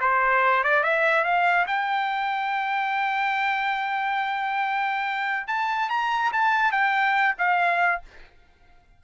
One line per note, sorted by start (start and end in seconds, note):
0.00 0.63 C5
0.64 0.83 D5
0.83 1.24 E5
1.24 1.66 F5
1.67 5.47 G5
5.47 5.89 A5
5.89 6.31 A#5
6.32 6.71 A5
6.71 7.35 G5
7.38 8.01 F5